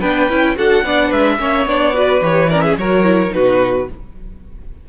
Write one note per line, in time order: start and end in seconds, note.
0.00 0.29 B3
0.00 0.29 D4
0.00 0.55 B4
0.00 0.56 G5
0.29 0.57 C#4
0.29 0.56 E4
0.56 0.84 D4
0.56 0.83 F#4
0.56 0.85 A4
0.56 1.12 F#5
0.84 1.11 B3
0.84 1.39 D4
0.84 1.08 D5
1.08 1.39 G#3
1.08 1.35 B4
1.08 1.67 E5
1.39 1.66 A#3
1.39 1.67 C#4
1.39 1.95 C#5
1.66 2.21 B3
1.66 1.94 D4
1.66 2.23 D5
1.94 2.21 F#4
1.94 2.50 B4
2.21 2.76 E3
2.21 2.49 G4
2.21 2.50 C#5
2.50 2.79 C#4
2.50 2.64 A#4
2.50 2.61 D5
2.61 2.78 G#4
2.61 2.75 E5
2.78 3.33 F#3
2.78 3.04 F#4
2.78 3.34 A#4
2.78 3.33 C#5
3.04 3.29 E4
3.29 3.88 B2
3.29 3.84 D#4
3.29 3.89 F#4
3.29 3.89 B4